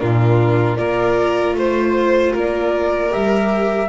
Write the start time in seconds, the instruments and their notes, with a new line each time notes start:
0.00 double bass A#2, viola D4, violin F4, flute A#4
0.77 double bass A#3, viola F4, violin A#4, flute D5
1.54 double bass A3, flute C5, violin C5
2.33 double bass A#3, violin A#4, flute D5
3.10 double bass G3, viola G4, flute E5